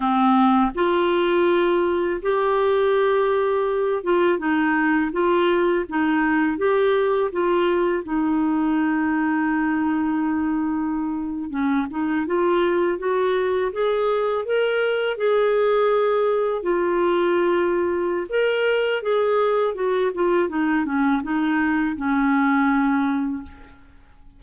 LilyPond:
\new Staff \with { instrumentName = "clarinet" } { \time 4/4 \tempo 4 = 82 c'4 f'2 g'4~ | g'4. f'8 dis'4 f'4 | dis'4 g'4 f'4 dis'4~ | dis'2.~ dis'8. cis'16~ |
cis'16 dis'8 f'4 fis'4 gis'4 ais'16~ | ais'8. gis'2 f'4~ f'16~ | f'4 ais'4 gis'4 fis'8 f'8 | dis'8 cis'8 dis'4 cis'2 | }